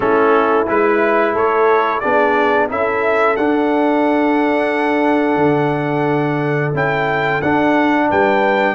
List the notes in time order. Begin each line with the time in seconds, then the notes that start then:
0.00 A3 C#4 E4 A4
0.67 G#3 E4 B4
1.33 A3 A4 C#5
2.00 B3 D4 G#4 D5
2.69 C#4 E4 A4 E5
3.36 D4 F#5
5.36 D3
6.73 C#4 E4 G5
7.41 D4 F#5
8.09 G3 B4 G5